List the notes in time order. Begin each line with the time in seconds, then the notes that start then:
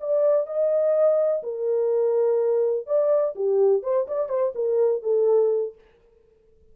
0.00 D5
0.46 D#5
1.43 A#4
2.86 D5
3.35 G4
3.82 C5
4.08 D5
4.29 C5
4.55 A#4
5.02 A4